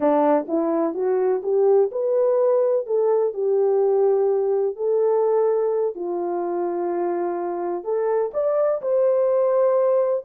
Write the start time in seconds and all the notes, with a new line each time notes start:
0.00 D4
0.48 E4
0.94 F#4
1.43 G4
1.91 B4
2.86 A4
3.33 G4
4.76 A4
5.95 F4
7.84 A4
8.33 D5
8.81 C5